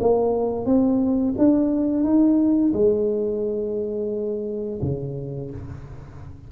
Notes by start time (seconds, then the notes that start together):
0.00 A#3
0.66 C4
1.38 D4
2.04 D#4
2.73 G#3
4.82 C#3